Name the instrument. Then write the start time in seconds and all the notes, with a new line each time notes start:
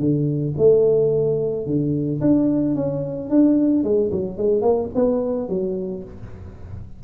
tuba
0.00 D3
0.58 A3
1.66 D3
2.21 D4
2.76 C#4
3.30 D4
3.84 G#3
4.12 F#3
4.38 G#3
4.62 A#3
4.95 B3
5.49 F#3